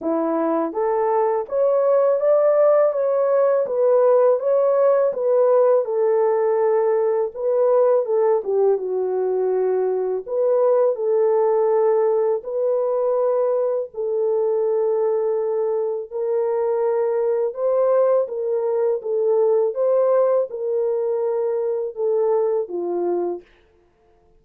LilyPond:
\new Staff \with { instrumentName = "horn" } { \time 4/4 \tempo 4 = 82 e'4 a'4 cis''4 d''4 | cis''4 b'4 cis''4 b'4 | a'2 b'4 a'8 g'8 | fis'2 b'4 a'4~ |
a'4 b'2 a'4~ | a'2 ais'2 | c''4 ais'4 a'4 c''4 | ais'2 a'4 f'4 | }